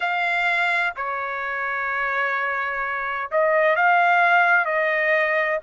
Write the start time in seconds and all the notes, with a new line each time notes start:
0.00 F5
0.96 C#5
3.31 D#5
3.76 F5
4.64 D#5